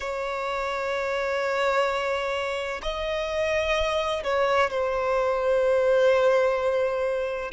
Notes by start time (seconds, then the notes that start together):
0.00 C#5
2.82 D#5
4.23 C#5
4.70 C5